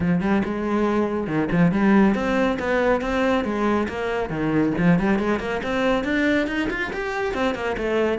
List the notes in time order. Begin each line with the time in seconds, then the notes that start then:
0.00 F3
0.21 G3
0.44 G#3
1.27 D#3
1.51 F3
1.71 G3
2.14 C4
2.59 B3
3.01 C4
3.44 G#3
3.88 A#3
4.29 D#3
4.77 F3
4.99 G3
5.18 G#3
5.39 A#3
5.63 C4
6.04 D4
6.47 D#4
6.70 F4
6.92 G4
7.34 C4
7.55 A#3
7.77 A3